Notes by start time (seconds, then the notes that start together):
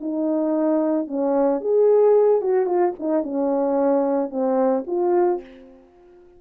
0.00 D#4
1.07 C#4
1.61 G#4
2.41 F#4
2.66 F4
2.99 D#4
3.23 C#4
4.30 C4
4.86 F4